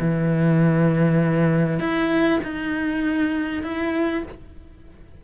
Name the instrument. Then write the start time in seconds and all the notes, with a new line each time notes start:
cello
0.00 E3
1.79 E4
2.43 D#4
3.63 E4